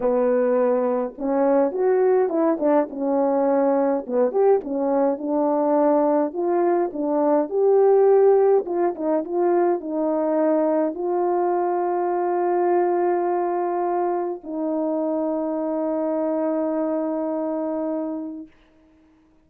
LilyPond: \new Staff \with { instrumentName = "horn" } { \time 4/4 \tempo 4 = 104 b2 cis'4 fis'4 | e'8 d'8 cis'2 b8 g'8 | cis'4 d'2 f'4 | d'4 g'2 f'8 dis'8 |
f'4 dis'2 f'4~ | f'1~ | f'4 dis'2.~ | dis'1 | }